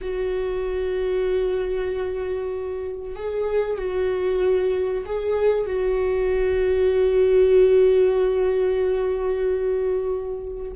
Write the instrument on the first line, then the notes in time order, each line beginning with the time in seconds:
viola
0.01 F#4
3.15 G#4
3.78 F#4
5.05 G#4
5.66 F#4